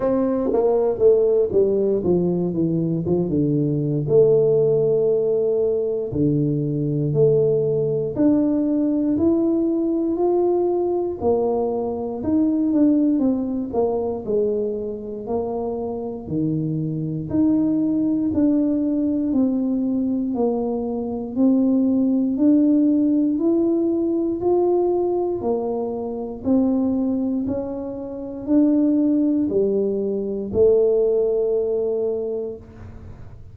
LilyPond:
\new Staff \with { instrumentName = "tuba" } { \time 4/4 \tempo 4 = 59 c'8 ais8 a8 g8 f8 e8 f16 d8. | a2 d4 a4 | d'4 e'4 f'4 ais4 | dis'8 d'8 c'8 ais8 gis4 ais4 |
dis4 dis'4 d'4 c'4 | ais4 c'4 d'4 e'4 | f'4 ais4 c'4 cis'4 | d'4 g4 a2 | }